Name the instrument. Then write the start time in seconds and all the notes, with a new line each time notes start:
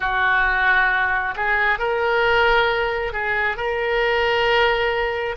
oboe
0.00 F#4
1.36 G#4
1.78 A#4
3.13 G#4
3.56 A#4